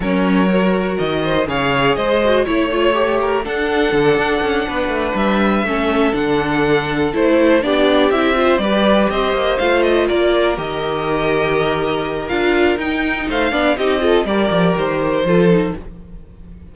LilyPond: <<
  \new Staff \with { instrumentName = "violin" } { \time 4/4 \tempo 4 = 122 cis''2 dis''4 f''4 | dis''4 cis''2 fis''4~ | fis''2~ fis''8 e''4.~ | e''8 fis''2 c''4 d''8~ |
d''8 e''4 d''4 dis''4 f''8 | dis''8 d''4 dis''2~ dis''8~ | dis''4 f''4 g''4 f''4 | dis''4 d''4 c''2 | }
  \new Staff \with { instrumentName = "violin" } { \time 4/4 ais'2~ ais'8 c''8 cis''4 | c''4 cis''4. ais'8 a'4~ | a'4. b'2 a'8~ | a'2.~ a'8 g'8~ |
g'4 c''8 b'4 c''4.~ | c''8 ais'2.~ ais'8~ | ais'2. c''8 d''8 | g'8 a'8 ais'2 a'4 | }
  \new Staff \with { instrumentName = "viola" } { \time 4/4 cis'4 fis'2 gis'4~ | gis'8 fis'8 e'8 f'8 g'4 d'4~ | d'2.~ d'8 cis'8~ | cis'8 d'2 e'4 d'8~ |
d'8 e'8 f'8 g'2 f'8~ | f'4. g'2~ g'8~ | g'4 f'4 dis'4. d'8 | dis'8 f'8 g'2 f'8 dis'8 | }
  \new Staff \with { instrumentName = "cello" } { \time 4/4 fis2 dis4 cis4 | gis4 a2 d'4 | d8 d'8 cis'8 b8 a8 g4 a8~ | a8 d2 a4 b8~ |
b8 c'4 g4 c'8 ais8 a8~ | a8 ais4 dis2~ dis8~ | dis4 d'4 dis'4 a8 b8 | c'4 g8 f8 dis4 f4 | }
>>